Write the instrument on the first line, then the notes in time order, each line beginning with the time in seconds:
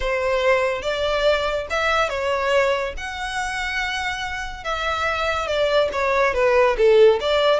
violin
0.00 C5
0.82 D5
1.70 E5
2.09 C#5
2.97 F#5
4.64 E5
5.47 D5
5.92 C#5
6.34 B4
6.77 A4
7.20 D5